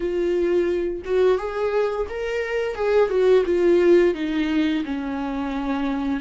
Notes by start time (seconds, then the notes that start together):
0.00 F4
1.04 F#4
1.38 G#4
2.09 A#4
2.75 G#4
3.09 F#4
3.45 F4
4.14 D#4
4.84 C#4